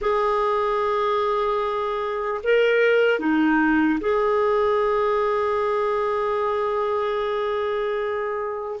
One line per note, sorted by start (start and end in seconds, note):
0.01 2.41 G#4
2.43 3.19 A#4
3.19 3.99 D#4
4.00 8.80 G#4